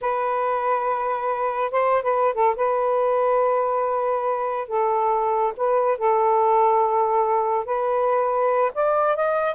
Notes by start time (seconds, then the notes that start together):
0.01 B4
1.71 C5
2.02 B4
2.34 A4
2.56 B4
4.68 A4
5.56 B4
5.98 A4
7.65 B4
8.74 D5
9.15 D#5